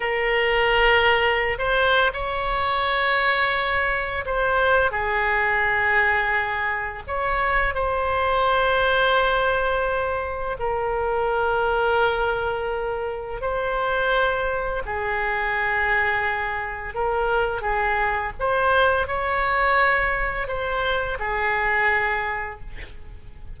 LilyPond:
\new Staff \with { instrumentName = "oboe" } { \time 4/4 \tempo 4 = 85 ais'2~ ais'16 c''8. cis''4~ | cis''2 c''4 gis'4~ | gis'2 cis''4 c''4~ | c''2. ais'4~ |
ais'2. c''4~ | c''4 gis'2. | ais'4 gis'4 c''4 cis''4~ | cis''4 c''4 gis'2 | }